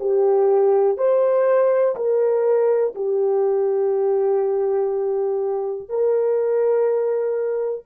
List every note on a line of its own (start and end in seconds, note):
0.00 0.97 G4
0.97 1.95 C5
1.96 2.94 A#4
2.95 5.89 G4
5.89 7.86 A#4